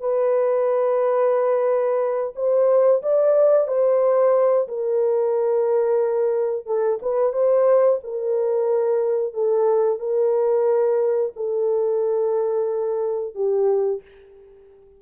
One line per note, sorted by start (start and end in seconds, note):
0.00 2.34 B4
2.35 3.02 C5
3.02 3.68 D5
3.68 4.68 C5
4.68 6.66 A#4
6.66 6.99 A4
7.02 7.33 B4
7.33 8.00 C5
8.04 9.34 A#4
9.34 9.99 A4
9.99 11.33 A#4
11.36 13.35 A4
13.35 14.02 G4